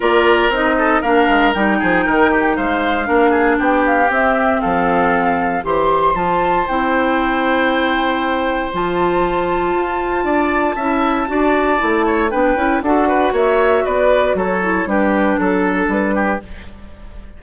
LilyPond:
<<
  \new Staff \with { instrumentName = "flute" } { \time 4/4 \tempo 4 = 117 d''4 dis''4 f''4 g''4~ | g''4 f''2 g''8 f''8 | e''4 f''2 c'''4 | a''4 g''2.~ |
g''4 a''2.~ | a''1 | g''4 fis''4 e''4 d''4 | cis''4 b'4 a'4 b'4 | }
  \new Staff \with { instrumentName = "oboe" } { \time 4/4 ais'4. a'8 ais'4. gis'8 | ais'8 g'8 c''4 ais'8 gis'8 g'4~ | g'4 a'2 c''4~ | c''1~ |
c''1 | d''4 e''4 d''4. cis''8 | b'4 a'8 b'8 cis''4 b'4 | a'4 g'4 a'4. g'8 | }
  \new Staff \with { instrumentName = "clarinet" } { \time 4/4 f'4 dis'4 d'4 dis'4~ | dis'2 d'2 | c'2. g'4 | f'4 e'2.~ |
e'4 f'2.~ | f'4 e'4 fis'4 e'4 | d'8 e'8 fis'2.~ | fis'8 e'8 d'2. | }
  \new Staff \with { instrumentName = "bassoon" } { \time 4/4 ais4 c'4 ais8 gis8 g8 f8 | dis4 gis4 ais4 b4 | c'4 f2 e4 | f4 c'2.~ |
c'4 f2 f'4 | d'4 cis'4 d'4 a4 | b8 cis'8 d'4 ais4 b4 | fis4 g4 fis4 g4 | }
>>